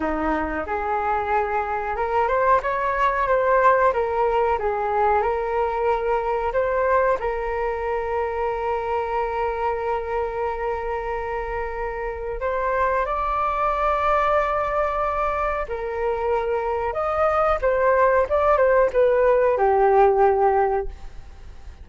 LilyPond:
\new Staff \with { instrumentName = "flute" } { \time 4/4 \tempo 4 = 92 dis'4 gis'2 ais'8 c''8 | cis''4 c''4 ais'4 gis'4 | ais'2 c''4 ais'4~ | ais'1~ |
ais'2. c''4 | d''1 | ais'2 dis''4 c''4 | d''8 c''8 b'4 g'2 | }